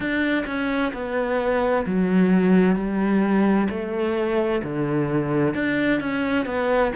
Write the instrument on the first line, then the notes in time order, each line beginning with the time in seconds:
cello
0.00 D4
0.46 C#4
0.93 B3
1.85 F#3
2.75 G3
3.69 A3
4.63 D3
5.54 D4
6.00 C#4
6.45 B3